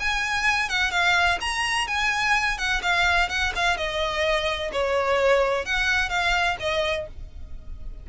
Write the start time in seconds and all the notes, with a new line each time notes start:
0.00 G#5
0.69 F#5
0.91 F5
1.41 A#5
1.88 G#5
2.58 F#5
2.82 F5
3.29 F#5
3.55 F5
3.77 D#5
4.72 C#5
5.65 F#5
6.09 F5
6.60 D#5